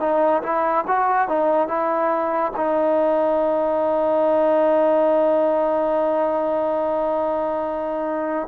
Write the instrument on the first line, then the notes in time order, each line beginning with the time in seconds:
trombone
0.00 D#4
0.43 E4
0.88 F#4
1.28 D#4
1.68 E4
2.56 D#4